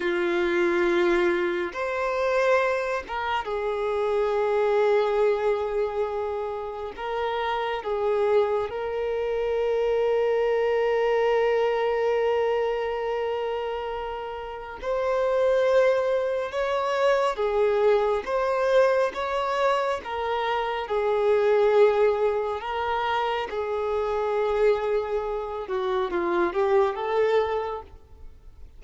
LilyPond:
\new Staff \with { instrumentName = "violin" } { \time 4/4 \tempo 4 = 69 f'2 c''4. ais'8 | gis'1 | ais'4 gis'4 ais'2~ | ais'1~ |
ais'4 c''2 cis''4 | gis'4 c''4 cis''4 ais'4 | gis'2 ais'4 gis'4~ | gis'4. fis'8 f'8 g'8 a'4 | }